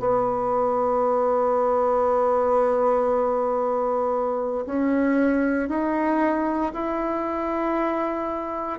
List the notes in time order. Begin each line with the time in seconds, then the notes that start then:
0.00 B3
4.66 C#4
5.69 D#4
6.73 E4